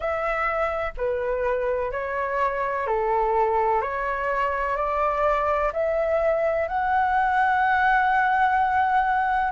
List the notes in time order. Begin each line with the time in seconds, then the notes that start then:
0.00 E5
0.97 B4
1.91 C#5
2.87 A4
3.81 C#5
4.76 D5
5.72 E5
6.68 F#5